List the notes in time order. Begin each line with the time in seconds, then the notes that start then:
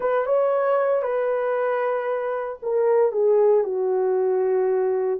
0.00 B4
0.26 C#5
1.02 B4
2.62 A#4
3.12 G#4
3.64 F#4